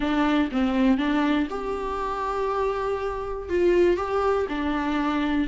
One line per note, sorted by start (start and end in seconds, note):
0.00 0.49 D4
0.51 0.97 C4
0.97 1.47 D4
1.50 3.49 G4
3.49 3.97 F4
3.97 4.47 G4
4.48 5.47 D4